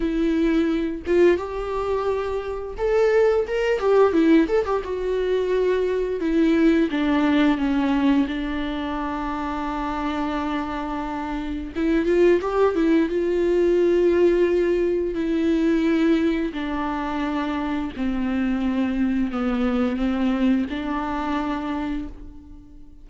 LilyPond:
\new Staff \with { instrumentName = "viola" } { \time 4/4 \tempo 4 = 87 e'4. f'8 g'2 | a'4 ais'8 g'8 e'8 a'16 g'16 fis'4~ | fis'4 e'4 d'4 cis'4 | d'1~ |
d'4 e'8 f'8 g'8 e'8 f'4~ | f'2 e'2 | d'2 c'2 | b4 c'4 d'2 | }